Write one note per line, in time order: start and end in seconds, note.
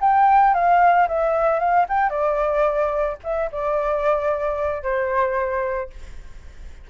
0.00 0.54 G5
0.54 1.07 F5
1.08 1.59 E5
1.59 1.86 F5
1.88 2.09 G5
2.09 3.17 D5
3.23 3.50 E5
3.51 4.83 D5
4.83 5.90 C5